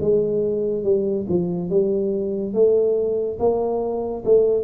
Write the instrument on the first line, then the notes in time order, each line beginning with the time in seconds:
tuba
0.00 G#3
0.83 G3
1.28 F3
1.69 G3
2.53 A3
3.39 A#3
4.24 A3